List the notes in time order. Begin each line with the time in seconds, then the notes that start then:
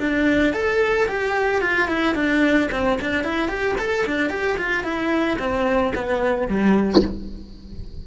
0.00 D4
0.53 A4
1.08 G4
1.61 F4
1.88 E4
2.15 D4
2.72 C4
3.01 D4
3.24 E4
3.49 G4
3.79 A4
4.07 D4
4.30 G4
4.58 F4
4.84 E4
5.39 C4
5.95 B3
6.48 G3